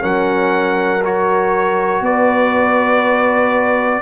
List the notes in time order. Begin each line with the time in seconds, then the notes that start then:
0.00 F#3 C#4 A#4 F#5
1.04 F#4 C#5
2.01 B3 B4 D5